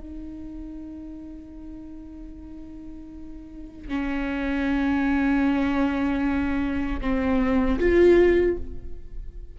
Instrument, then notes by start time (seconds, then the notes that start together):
viola
0.00 D#4
3.89 C#4
7.01 C4
7.79 F4